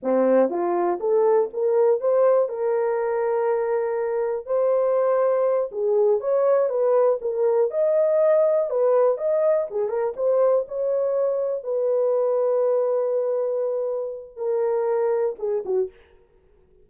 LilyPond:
\new Staff \with { instrumentName = "horn" } { \time 4/4 \tempo 4 = 121 c'4 f'4 a'4 ais'4 | c''4 ais'2.~ | ais'4 c''2~ c''8 gis'8~ | gis'8 cis''4 b'4 ais'4 dis''8~ |
dis''4. b'4 dis''4 gis'8 | ais'8 c''4 cis''2 b'8~ | b'1~ | b'4 ais'2 gis'8 fis'8 | }